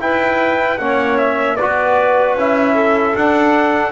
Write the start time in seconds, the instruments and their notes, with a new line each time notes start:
0.00 trombone E4, double bass E4, clarinet B4, trumpet G5
0.78 double bass A#3, trombone C#4, clarinet C#5, trumpet F#5
1.18 trumpet E5
1.57 double bass B3, trombone F#4, clarinet B4, trumpet D5
2.35 double bass C#4, trombone E4, trumpet E5
2.75 clarinet A4
3.16 double bass D4, trombone D4, trumpet F#5